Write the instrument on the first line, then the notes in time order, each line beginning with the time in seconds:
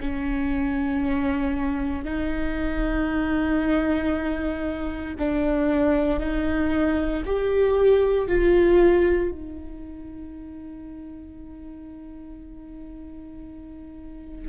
viola
0.00 C#4
2.04 D#4
5.19 D4
6.19 D#4
7.25 G4
8.27 F4
9.31 D#4